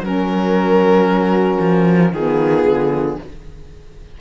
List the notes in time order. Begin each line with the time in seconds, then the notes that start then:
0.00 F#3 C#4 A#4
1.06 F#4
1.60 F3
2.12 D#3 B3 F4 G#4
2.65 D3